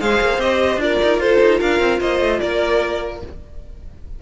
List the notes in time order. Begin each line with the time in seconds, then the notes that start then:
0.00 G#3 G#4 C5 F5
0.21 A#3
0.38 C4 G4 D#5
0.76 D4 F4 D5
0.83 A#4
1.03 D#4
1.18 F4 A4 C5
1.40 D#4
1.59 D4 A#4 F5
1.79 C4
2.00 A#3 C5 D#5
2.20 A3
2.39 A#3 A#4 D5